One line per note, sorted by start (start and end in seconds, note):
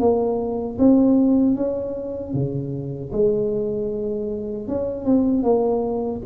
0.00 0.78 A#3
0.79 1.56 C4
1.56 2.34 C#4
2.34 3.12 C#3
3.13 4.68 G#3
4.68 5.05 C#4
5.05 5.44 C4
5.44 6.22 A#3